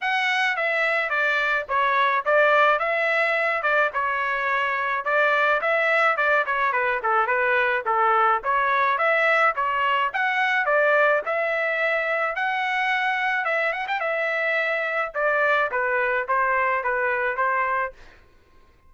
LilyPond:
\new Staff \with { instrumentName = "trumpet" } { \time 4/4 \tempo 4 = 107 fis''4 e''4 d''4 cis''4 | d''4 e''4. d''8 cis''4~ | cis''4 d''4 e''4 d''8 cis''8 | b'8 a'8 b'4 a'4 cis''4 |
e''4 cis''4 fis''4 d''4 | e''2 fis''2 | e''8 fis''16 g''16 e''2 d''4 | b'4 c''4 b'4 c''4 | }